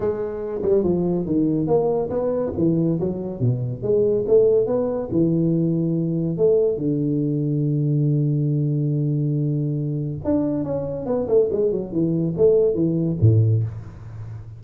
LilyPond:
\new Staff \with { instrumentName = "tuba" } { \time 4/4 \tempo 4 = 141 gis4. g8 f4 dis4 | ais4 b4 e4 fis4 | b,4 gis4 a4 b4 | e2. a4 |
d1~ | d1 | d'4 cis'4 b8 a8 gis8 fis8 | e4 a4 e4 a,4 | }